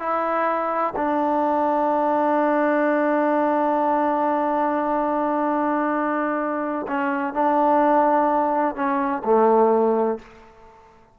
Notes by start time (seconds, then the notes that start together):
0.00 E4
0.96 D4
6.88 C#4
7.34 D4
8.76 C#4
9.25 A3